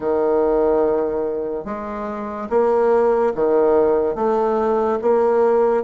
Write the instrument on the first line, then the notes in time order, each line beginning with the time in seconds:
bassoon
0.00 D#3
1.64 G#3
2.49 A#3
3.34 D#3
4.15 A3
5.02 A#3